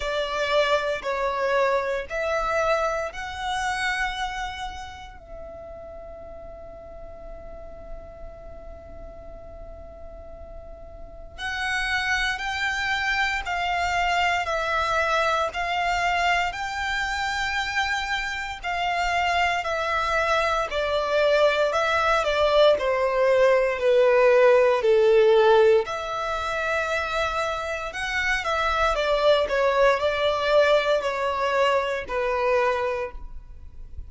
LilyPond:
\new Staff \with { instrumentName = "violin" } { \time 4/4 \tempo 4 = 58 d''4 cis''4 e''4 fis''4~ | fis''4 e''2.~ | e''2. fis''4 | g''4 f''4 e''4 f''4 |
g''2 f''4 e''4 | d''4 e''8 d''8 c''4 b'4 | a'4 e''2 fis''8 e''8 | d''8 cis''8 d''4 cis''4 b'4 | }